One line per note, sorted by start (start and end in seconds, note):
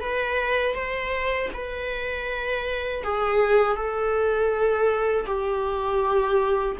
0.00 0.74 B4
0.74 1.49 C5
1.53 3.03 B4
3.03 3.76 G#4
3.76 5.26 A4
5.26 6.76 G4